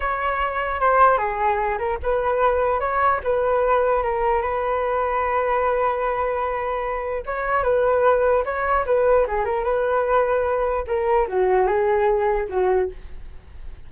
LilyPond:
\new Staff \with { instrumentName = "flute" } { \time 4/4 \tempo 4 = 149 cis''2 c''4 gis'4~ | gis'8 ais'8 b'2 cis''4 | b'2 ais'4 b'4~ | b'1~ |
b'2 cis''4 b'4~ | b'4 cis''4 b'4 gis'8 ais'8 | b'2. ais'4 | fis'4 gis'2 fis'4 | }